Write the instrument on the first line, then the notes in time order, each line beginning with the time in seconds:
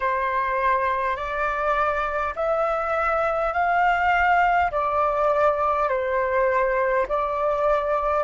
flute
0.00 C5
1.16 D5
2.35 E5
3.53 F5
4.71 D5
5.88 C5
7.08 D5